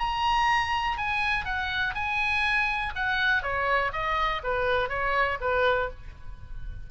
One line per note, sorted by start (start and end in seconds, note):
0.00 0.98 A#5
0.98 1.46 G#5
1.46 1.95 F#5
1.95 2.94 G#5
2.96 3.43 F#5
3.43 3.93 C#5
3.93 4.42 D#5
4.44 4.90 B4
4.90 5.39 C#5
5.41 5.90 B4